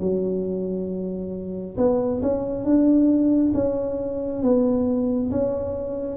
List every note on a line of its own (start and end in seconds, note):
0.00 1.76 F#3
1.77 2.21 B3
2.22 2.64 C#4
2.64 3.53 D4
3.54 4.42 C#4
4.42 5.31 B3
5.31 6.17 C#4